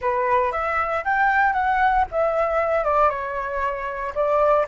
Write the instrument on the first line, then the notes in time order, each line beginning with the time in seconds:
flute
0.01 B4
0.52 E5
1.04 G5
1.53 F#5
2.11 E5
2.84 D5
3.09 C#5
4.14 D5